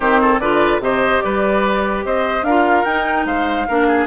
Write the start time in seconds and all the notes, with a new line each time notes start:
0.00 D#3 C4 G4 C5
0.21 A4
0.39 D3 F4 B4 D5
0.79 C3 G4 C5 D#5
1.21 G3 B4 D5
2.04 C4 C5 D#5
2.42 D4 F4 A#4 F5
2.85 D#4 G5
3.25 G#3 C5 F5
3.67 A#3 D4 A#4
3.87 G#4